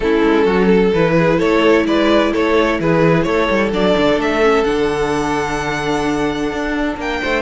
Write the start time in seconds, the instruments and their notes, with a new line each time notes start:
0.00 cello A3, viola C#4, violin E4 A4
0.22 cello G#3
0.45 cello F#3, violin F#4
0.65 violin A4
0.94 cello E3, viola E4, violin B4
1.17 violin G#4
1.37 cello A3, violin A4 C#5
1.85 cello G#3, violin B4 D5
2.32 cello A3, violin A4 C#5
2.79 cello E3, violin G#4 B4
3.23 cello A3, violin A4 C#5
3.50 cello G3
3.71 cello F#3, viola D4, violin D5
3.97 cello D3
4.16 cello A3, violin E5
4.42 viola C#4
4.64 cello D3, viola D4, violin F#5
6.52 cello D4
6.96 cello A#3, violin A#4 G5
7.21 cello A3, violin C5